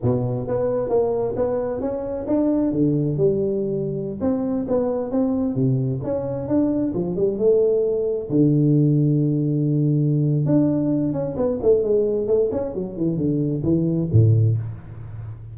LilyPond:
\new Staff \with { instrumentName = "tuba" } { \time 4/4 \tempo 4 = 132 b,4 b4 ais4 b4 | cis'4 d'4 d4 g4~ | g4~ g16 c'4 b4 c'8.~ | c'16 c4 cis'4 d'4 f8 g16~ |
g16 a2 d4.~ d16~ | d2. d'4~ | d'8 cis'8 b8 a8 gis4 a8 cis'8 | fis8 e8 d4 e4 a,4 | }